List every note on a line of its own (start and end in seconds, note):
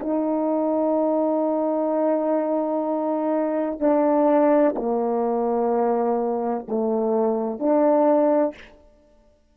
0.00 3.80 D#4
3.80 4.75 D4
4.76 6.66 A#3
6.68 7.60 A3
7.60 8.55 D4